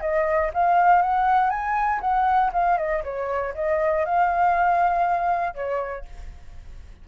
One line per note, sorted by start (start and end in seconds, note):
0.00 0.50 D#5
0.53 1.02 F5
1.02 1.50 F#5
1.50 2.00 G#5
2.01 2.51 F#5
2.52 2.77 F5
2.77 3.03 D#5
3.03 3.54 C#5
3.54 4.05 D#5
4.05 5.54 F5
5.54 6.05 C#5